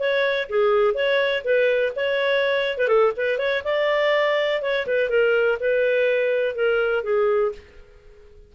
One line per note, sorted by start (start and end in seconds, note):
0.00 0.49 C#5
0.49 0.94 G#4
0.94 1.43 C#5
1.44 1.93 B4
1.96 2.78 C#5
2.78 2.88 B4
2.88 3.13 A4
3.17 3.39 B4
3.39 3.63 C#5
3.65 4.62 D5
4.62 4.86 C#5
4.87 5.10 B4
5.10 5.59 A#4
5.60 6.56 B4
6.56 7.04 A#4
7.04 7.52 G#4